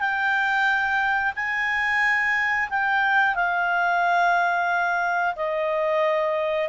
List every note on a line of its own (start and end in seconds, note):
0.00 1.33 G5
1.36 2.69 G#5
2.70 3.35 G5
3.35 5.35 F5
5.36 6.69 D#5